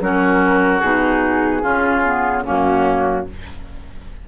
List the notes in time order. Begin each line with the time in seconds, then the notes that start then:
0.00 F#3 C#4 F#4 A#4
0.80 B2 D#4 G#4
1.62 C#3 C#4 F4
2.04 B3
2.44 F#2 A#3 C#4 F#4